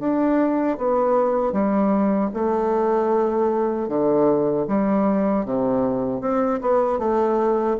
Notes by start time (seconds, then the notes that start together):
0.00 D4
0.78 B3
1.53 G3
2.34 A3
3.89 D3
4.68 G3
5.45 C3
6.21 C4
6.62 B3
6.99 A3